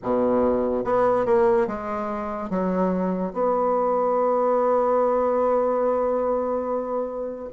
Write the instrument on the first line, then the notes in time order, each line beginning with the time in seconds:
bassoon
0.02 B2
0.84 B3
1.25 A#3
1.67 G#3
2.50 F#3
3.33 B3